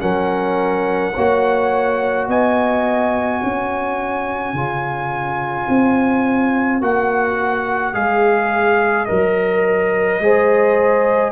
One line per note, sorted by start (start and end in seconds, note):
0.00 1.16 F#3
0.00 1.13 C#4
0.00 1.14 A#4
0.00 2.28 F#5
1.14 2.29 A#3
1.14 4.56 F#4
1.14 2.28 C#5
2.29 3.42 B3
2.29 3.40 D#5
2.29 6.83 G#5
3.40 4.54 C#4
3.40 10.20 C#5
4.54 5.67 C#3
4.54 6.82 F4
5.69 6.82 C4
6.82 7.94 A#3
6.82 7.94 F#4
6.82 7.94 F#5
7.94 9.08 G#3
7.94 9.07 G#4
7.94 9.06 F5
9.06 10.20 F#3
9.06 10.21 A#4
9.06 11.32 D#5
10.20 11.32 G#3
10.20 11.32 G#4
10.20 11.32 C5